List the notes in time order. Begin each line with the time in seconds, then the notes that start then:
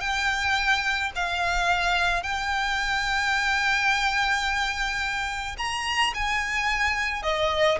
0.00 G5
1.15 F5
2.22 G5
5.58 A#5
6.14 G#5
7.22 D#5